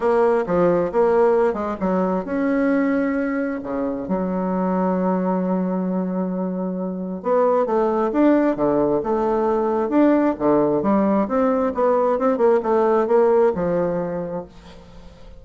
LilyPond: \new Staff \with { instrumentName = "bassoon" } { \time 4/4 \tempo 4 = 133 ais4 f4 ais4. gis8 | fis4 cis'2. | cis4 fis2.~ | fis1 |
b4 a4 d'4 d4 | a2 d'4 d4 | g4 c'4 b4 c'8 ais8 | a4 ais4 f2 | }